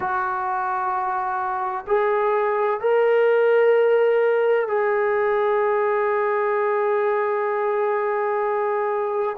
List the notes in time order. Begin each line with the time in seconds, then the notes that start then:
0.00 F#4
1.87 G#4
2.80 A#4
4.67 G#4